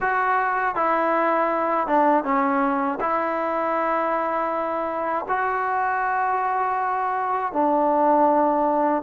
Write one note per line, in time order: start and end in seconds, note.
0.00 0.75 F#4
0.75 1.87 E4
1.87 2.24 D4
2.24 2.99 C#4
3.00 5.25 E4
5.28 7.52 F#4
7.52 9.02 D4